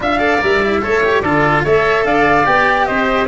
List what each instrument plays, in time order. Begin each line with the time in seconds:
0.00 tuba D4, cello F4, oboe E5, flute F5
0.18 cello A4, oboe D5
0.40 tuba G3, cello A#4, flute E5
0.62 cello E4
0.82 tuba A3, cello A4, oboe C#5
1.03 cello G4
1.21 tuba D3, cello F4, oboe A4, flute D5
1.63 tuba A3, cello A4, oboe C#5, flute E5
2.04 tuba D4, oboe D5, flute F5
2.43 tuba B3, cello G4, flute G5
2.85 tuba C4, oboe C5, flute D#5